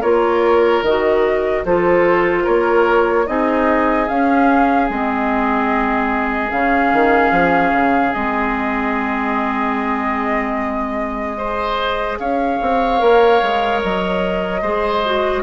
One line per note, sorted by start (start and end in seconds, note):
0.00 0.82 A#3
0.00 0.83 F4
0.00 1.62 A#4
0.00 0.82 C#5
0.82 1.63 D#3
0.82 1.65 F#4
0.82 1.64 D#5
1.65 2.46 F3
1.65 3.26 F4
1.65 2.43 A4
1.65 2.46 C5
2.43 3.27 A#3
2.43 3.24 A#4
2.43 3.27 C#5
3.26 4.08 C4
3.26 4.07 D#4
3.26 11.37 G#4
3.26 4.08 D#5
4.08 4.89 C#4
4.08 4.90 C#4
4.08 4.89 F5
4.89 6.51 G#3
4.89 6.50 C4
4.89 6.50 D#5
6.50 6.92 C#3
6.50 8.12 C#4
6.50 8.12 F5
6.93 7.31 D#3
7.31 7.71 F3
7.72 8.12 C#3
8.12 12.19 G#3
8.12 11.37 C4
8.12 12.18 D#5
11.37 12.98 G#4
11.37 12.18 C5
12.19 12.59 C#4
12.19 14.61 C#5
12.19 13.81 F5
12.61 13.01 C4
12.98 13.41 A#3
12.98 14.60 A#4
13.42 13.82 G#3
13.82 14.62 F#3
13.82 15.43 D#5
14.61 15.43 G#3
14.61 15.04 G#4
14.61 15.42 C5
15.05 15.43 F#4